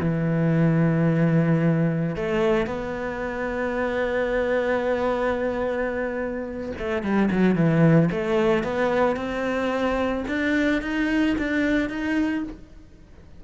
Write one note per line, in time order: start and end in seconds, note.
0.00 2.15 E3
2.15 2.67 A3
2.67 6.72 B3
6.79 7.02 A3
7.02 7.29 G3
7.31 7.55 F#3
7.55 8.09 E3
8.11 8.63 A3
8.63 9.16 B3
9.16 10.24 C4
10.28 10.82 D4
10.82 11.36 D#4
11.38 11.89 D4
11.89 12.43 D#4